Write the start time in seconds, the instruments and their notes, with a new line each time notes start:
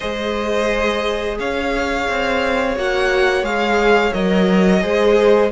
0.00 cello G#3, viola G#4, violin C5 D#5
1.39 cello C#4, violin C#5 F5
2.08 cello C4
2.76 cello A#3, viola F#4, violin F#5
3.42 cello G#3, viola G#4, violin F5
4.13 cello F#3, viola A#4, violin D#5
4.81 cello G#3, viola G#4, violin C5